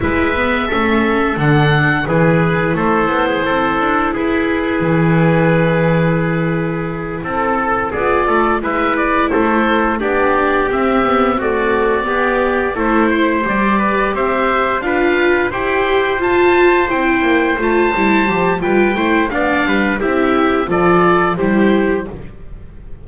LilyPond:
<<
  \new Staff \with { instrumentName = "oboe" } { \time 4/4 \tempo 4 = 87 e''2 fis''4 b'4 | c''2 b'2~ | b'2~ b'8 a'4 d''8~ | d''8 e''8 d''8 c''4 d''4 e''8~ |
e''8 d''2 c''4 d''8~ | d''8 e''4 f''4 g''4 a''8~ | a''8 g''4 a''4. g''4 | f''4 e''4 d''4 c''4 | }
  \new Staff \with { instrumentName = "trumpet" } { \time 4/4 b'4 a'2 gis'4 | a'8. gis'16 a'4 gis'2~ | gis'2~ gis'8 a'4 gis'8 | a'8 b'4 a'4 g'4.~ |
g'8 fis'4 g'4 a'8 c''4 | b'8 c''4 b'4 c''4.~ | c''2. b'8 c''8 | d''8 b'8 g'4 a'4 g'4 | }
  \new Staff \with { instrumentName = "viola" } { \time 4/4 e'8 b8 cis'4 d'4 e'4~ | e'1~ | e'2.~ e'8 f'8~ | f'8 e'2 d'4 c'8 |
b8 a4 b4 e'4 g'8~ | g'4. f'4 g'4 f'8~ | f'8 e'4 f'8 e'8 g'8 f'8 e'8 | d'4 e'4 f'4 e'4 | }
  \new Staff \with { instrumentName = "double bass" } { \time 4/4 gis4 a4 d4 e4 | a8 b8 c'8 d'8 e'4 e4~ | e2~ e8 c'4 b8 | a8 gis4 a4 b4 c'8~ |
c'4. b4 a4 g8~ | g8 c'4 d'4 e'4 f'8~ | f'8 c'8 ais8 a8 g8 f8 g8 a8 | b8 g8 c'4 f4 g4 | }
>>